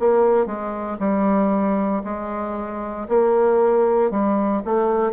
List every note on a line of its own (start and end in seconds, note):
0.00 0.47 A#3
0.47 0.98 G#3
1.00 2.03 G3
2.05 3.08 G#3
3.09 4.11 A#3
4.11 4.63 G3
4.65 5.13 A3